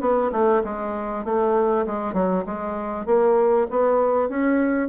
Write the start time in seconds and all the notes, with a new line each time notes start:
0.00 B3
0.31 A3
0.63 G#3
1.24 A3
1.86 G#3
2.13 F#3
2.46 G#3
3.05 A#3
3.70 B3
4.29 C#4